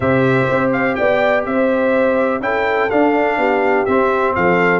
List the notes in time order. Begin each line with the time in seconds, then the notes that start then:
0.00 C3 G4 C5 E5
0.50 C4
0.72 F5
0.95 B3 D5 G5
1.45 C4 C5 E5
2.40 C#4 E4 A4 G5
2.90 D4 F5
3.37 B3 G4
3.85 C4 E5
4.35 F3 A4 F5